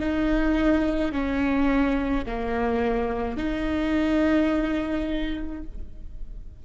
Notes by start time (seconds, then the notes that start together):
0.00 D#4
1.13 C#4
2.26 A#3
3.37 D#4